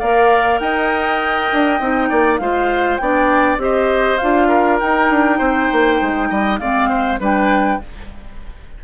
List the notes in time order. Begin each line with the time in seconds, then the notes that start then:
0.00 A#3 A#4 D5 F5
0.59 D#4 D#5 G5
1.53 D4
1.80 C4 D#4
2.10 A#3 D5
2.38 G#3 F4 C5 F5
2.97 B3 D4 D5 G5
3.58 C4 G4 C5 D#5
4.18 D4 F4 F5
4.49 A#4
4.80 D#4 G5
5.10 D4
5.38 C4 C5
5.72 A#3
6.02 G#3
6.30 G3 D#5
6.59 G#3 C4 D5 F5
6.90 C5
7.20 G3 D4 B4 G5